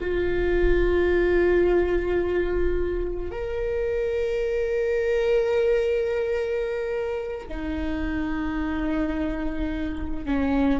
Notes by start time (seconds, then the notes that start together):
0.00 F4
3.31 A#4
7.48 D#4
10.25 C#4